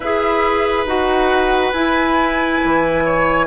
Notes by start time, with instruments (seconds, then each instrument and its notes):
0.00 bassoon E4, clarinet G#4, oboe B4, flute E5
0.85 bassoon D#4, clarinet F#4, flute F#5
1.72 bassoon E4, clarinet E4, flute G#5
2.64 bassoon E3
3.04 oboe C#5